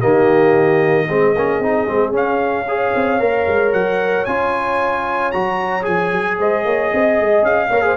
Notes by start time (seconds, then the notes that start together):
0.00 D#3 A#3 G4 D#5
1.08 G#3 C4 G#4
1.36 A#3 C#4
1.60 C4 D#4
1.88 G#3 C4
2.12 C#4 F5
2.68 G#4 C#5
2.95 C4
3.20 A#3 A#4
3.47 G#3
3.73 F#3 F#5
4.25 C#4 F4 G#5
5.32 F#3 F#4 A#5
5.83 F3 G#4 G#5
6.13 F#3
6.39 G#3 C5 D#5
6.65 A#3 C#5
6.93 C4 D#5
7.21 G#3
7.43 C#4 F5
7.70 A#3 A#4 C#5
7.82 G#4 C5